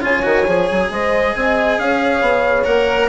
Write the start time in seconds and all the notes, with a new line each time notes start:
0.00 C#3 F4 C#5 G#5
0.22 D#3 F#4
0.45 F3 G#4
0.71 F#3
0.90 G#3 C5 D#5
1.35 C4 D#5 G#5
1.78 C#4 C#5 F5
2.21 B3
2.64 A#3 A#4 F#5